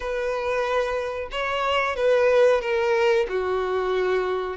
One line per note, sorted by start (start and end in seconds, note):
0.00 1.29 B4
1.31 1.96 C#5
1.96 2.61 B4
2.61 3.26 A#4
3.28 4.57 F#4